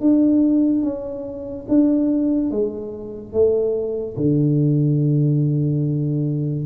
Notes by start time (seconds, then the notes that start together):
0.00 D4
0.82 C#4
1.68 D4
2.50 G#3
3.32 A3
4.16 D3